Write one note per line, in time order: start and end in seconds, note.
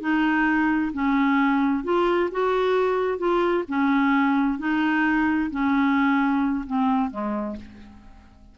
0.00 0.92 D#4
0.93 1.84 C#4
1.84 2.29 F4
2.31 3.18 F#4
3.18 3.63 F4
3.68 4.58 C#4
4.58 5.50 D#4
5.50 6.65 C#4
6.66 7.10 C4
7.10 7.56 G#3